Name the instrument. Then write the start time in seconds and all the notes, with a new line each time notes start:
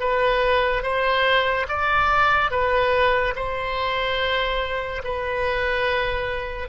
oboe
0.00 B4
0.83 C5
1.69 D5
2.51 B4
3.36 C5
5.04 B4